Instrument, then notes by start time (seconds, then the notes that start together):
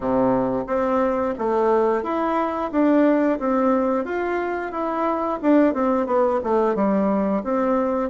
bassoon
0.00 C3
0.66 C4
1.38 A3
2.03 E4
2.71 D4
3.39 C4
4.04 F4
4.71 E4
5.42 D4
5.74 C4
6.06 B3
6.44 A3
6.75 G3
7.43 C4